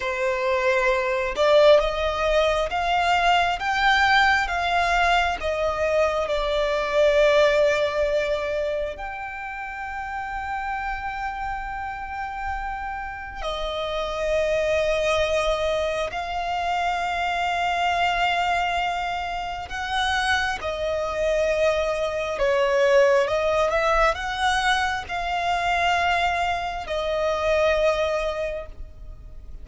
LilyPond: \new Staff \with { instrumentName = "violin" } { \time 4/4 \tempo 4 = 67 c''4. d''8 dis''4 f''4 | g''4 f''4 dis''4 d''4~ | d''2 g''2~ | g''2. dis''4~ |
dis''2 f''2~ | f''2 fis''4 dis''4~ | dis''4 cis''4 dis''8 e''8 fis''4 | f''2 dis''2 | }